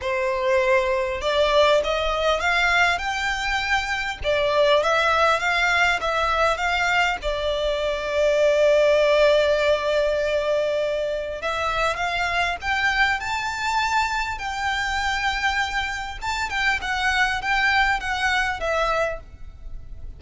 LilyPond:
\new Staff \with { instrumentName = "violin" } { \time 4/4 \tempo 4 = 100 c''2 d''4 dis''4 | f''4 g''2 d''4 | e''4 f''4 e''4 f''4 | d''1~ |
d''2. e''4 | f''4 g''4 a''2 | g''2. a''8 g''8 | fis''4 g''4 fis''4 e''4 | }